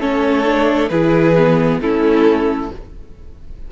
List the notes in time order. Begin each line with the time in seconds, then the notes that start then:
0.00 A3 C#4 A4 C#5
0.45 D4
0.89 E3 E4 G#4 B4
1.38 B3
1.81 A3 C#4 E4 A4